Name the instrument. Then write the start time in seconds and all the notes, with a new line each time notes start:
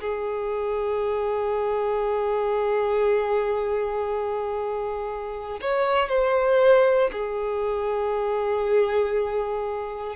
violin
0.00 G#4
5.61 C#5
6.08 C5
7.11 G#4